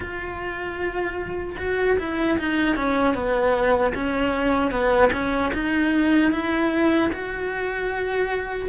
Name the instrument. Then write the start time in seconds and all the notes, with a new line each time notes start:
cello
0.00 F4
1.58 F#4
1.98 E4
2.38 D#4
2.76 C#4
3.14 B3
3.94 C#4
4.71 B3
5.12 C#4
5.53 D#4
6.31 E4
7.12 F#4